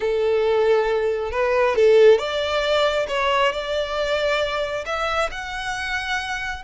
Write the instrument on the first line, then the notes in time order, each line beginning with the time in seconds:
violin
0.00 A4
1.31 B4
1.75 A4
2.18 D5
3.08 C#5
3.52 D5
4.85 E5
5.31 F#5